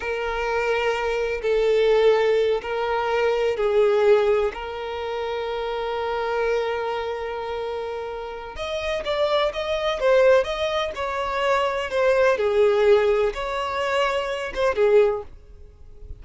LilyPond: \new Staff \with { instrumentName = "violin" } { \time 4/4 \tempo 4 = 126 ais'2. a'4~ | a'4. ais'2 gis'8~ | gis'4. ais'2~ ais'8~ | ais'1~ |
ais'2 dis''4 d''4 | dis''4 c''4 dis''4 cis''4~ | cis''4 c''4 gis'2 | cis''2~ cis''8 c''8 gis'4 | }